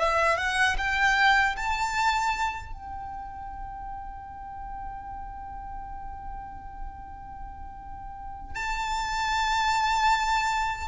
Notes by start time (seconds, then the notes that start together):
0.00 E5
0.38 F#5
0.78 G5
1.57 A5
2.73 G5
8.55 A5